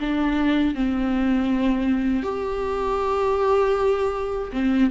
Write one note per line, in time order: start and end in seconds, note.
0.00 0.75 D4
0.75 2.23 C4
2.23 4.51 G4
4.53 4.91 C4